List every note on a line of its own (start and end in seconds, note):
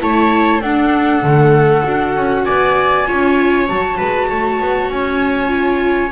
0.00 0.61 A3
0.00 0.61 E4
0.00 0.61 C#5
0.00 0.61 A5
0.61 1.22 D4
0.61 1.24 D4
0.61 2.44 A4
0.61 2.44 F#5
1.22 1.84 D3
1.22 1.83 A3
1.83 2.16 D4
1.83 3.05 F#4
2.16 2.46 C#4
2.44 3.08 B3
2.44 3.06 D5
2.44 3.67 G#5
3.06 3.69 C#4
3.06 3.67 F4
3.06 3.97 C#5
3.68 4.00 F#3
3.68 5.47 F#4
3.68 4.90 A5
3.97 4.31 G#3
3.97 4.28 B4
4.29 4.60 A3
4.29 6.12 C#5
4.60 4.89 B3
4.89 6.12 C#4
4.89 6.12 G#5
5.47 6.08 F4